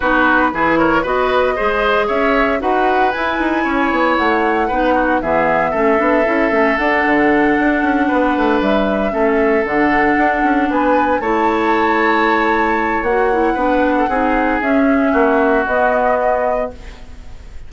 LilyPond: <<
  \new Staff \with { instrumentName = "flute" } { \time 4/4 \tempo 4 = 115 b'4. cis''8 dis''2 | e''4 fis''4 gis''2 | fis''2 e''2~ | e''4 fis''2.~ |
fis''8 e''2 fis''4.~ | fis''8 gis''4 a''2~ a''8~ | a''4 fis''2. | e''2 dis''2 | }
  \new Staff \with { instrumentName = "oboe" } { \time 4/4 fis'4 gis'8 ais'8 b'4 c''4 | cis''4 b'2 cis''4~ | cis''4 b'8 fis'8 gis'4 a'4~ | a'2.~ a'8 b'8~ |
b'4. a'2~ a'8~ | a'8 b'4 cis''2~ cis''8~ | cis''2 b'8. a'16 gis'4~ | gis'4 fis'2. | }
  \new Staff \with { instrumentName = "clarinet" } { \time 4/4 dis'4 e'4 fis'4 gis'4~ | gis'4 fis'4 e'2~ | e'4 dis'4 b4 cis'8 d'8 | e'8 cis'8 d'2.~ |
d'4. cis'4 d'4.~ | d'4. e'2~ e'8~ | e'4 fis'8 e'8 d'4 dis'4 | cis'2 b2 | }
  \new Staff \with { instrumentName = "bassoon" } { \time 4/4 b4 e4 b4 gis4 | cis'4 dis'4 e'8 dis'8 cis'8 b8 | a4 b4 e4 a8 b8 | cis'8 a8 d'8 d4 d'8 cis'8 b8 |
a8 g4 a4 d4 d'8 | cis'8 b4 a2~ a8~ | a4 ais4 b4 c'4 | cis'4 ais4 b2 | }
>>